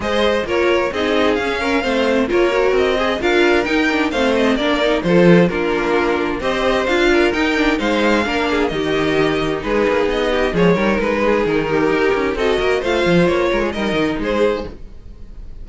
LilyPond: <<
  \new Staff \with { instrumentName = "violin" } { \time 4/4 \tempo 4 = 131 dis''4 cis''4 dis''4 f''4~ | f''4 cis''4 dis''4 f''4 | g''4 f''8 dis''8 d''4 c''4 | ais'2 dis''4 f''4 |
g''4 f''2 dis''4~ | dis''4 b'4 dis''4 cis''4 | b'4 ais'2 dis''4 | f''4 cis''4 dis''4 c''4 | }
  \new Staff \with { instrumentName = "violin" } { \time 4/4 c''4 ais'4 gis'4. ais'8 | c''4 ais'4. gis'8 ais'4~ | ais'4 c''4 ais'4 a'4 | f'2 c''4. ais'8~ |
ais'4 c''4 ais'8 gis'8 g'4~ | g'4 gis'4. g'8 gis'8 ais'8~ | ais'8 gis'4 g'4. a'8 ais'8 | c''4. ais'16 gis'16 ais'4 gis'4 | }
  \new Staff \with { instrumentName = "viola" } { \time 4/4 gis'4 f'4 dis'4 cis'4 | c'4 f'8 fis'4 gis'8 f'4 | dis'8 d'8 c'4 d'8 dis'8 f'4 | d'2 g'4 f'4 |
dis'8 d'8 dis'4 d'4 dis'4~ | dis'2. gis8 dis'8~ | dis'2. fis'4 | f'2 dis'2 | }
  \new Staff \with { instrumentName = "cello" } { \time 4/4 gis4 ais4 c'4 cis'4 | a4 ais4 c'4 d'4 | dis'4 a4 ais4 f4 | ais2 c'4 d'4 |
dis'4 gis4 ais4 dis4~ | dis4 gis8 ais8 b4 f8 g8 | gis4 dis4 dis'8 cis'8 c'8 ais8 | a8 f8 ais8 gis8 g8 dis8 gis4 | }
>>